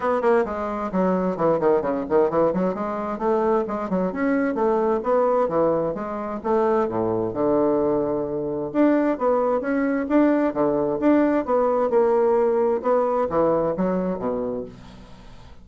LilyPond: \new Staff \with { instrumentName = "bassoon" } { \time 4/4 \tempo 4 = 131 b8 ais8 gis4 fis4 e8 dis8 | cis8 dis8 e8 fis8 gis4 a4 | gis8 fis8 cis'4 a4 b4 | e4 gis4 a4 a,4 |
d2. d'4 | b4 cis'4 d'4 d4 | d'4 b4 ais2 | b4 e4 fis4 b,4 | }